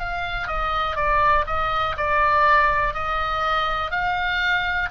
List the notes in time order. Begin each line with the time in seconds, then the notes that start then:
0.00 F5
0.48 D#5
0.96 D5
1.47 D#5
1.97 D5
2.95 D#5
3.91 F5